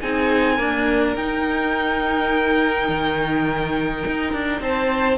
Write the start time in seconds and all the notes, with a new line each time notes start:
0.00 C4 D#4 G#4 G#5
0.56 A#3 D4 A#4
1.16 D#4 G5
2.88 D#3
4.06 D#4
4.33 D4
4.61 C4 C5 A5